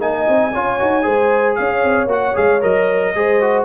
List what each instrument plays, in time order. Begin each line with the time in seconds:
0.00 tuba A#3, trombone D#4, horn D#5, trumpet G#5
0.29 tuba C4
0.53 tuba C#4, trombone F4, horn C#5
0.80 tuba D#4, trombone F#4
1.03 tuba G#3, trombone G#4, horn C5
1.56 tuba C#4, horn C#5, trumpet F5
1.85 tuba C4
2.07 tuba A#3, trombone F#4, trumpet F#5
2.34 tuba G#3, trombone G#4, trumpet F5
2.62 tuba F#3, trombone A#4, trumpet D#5
3.16 tuba G#3, trombone G#4, horn C5
3.42 trombone F#4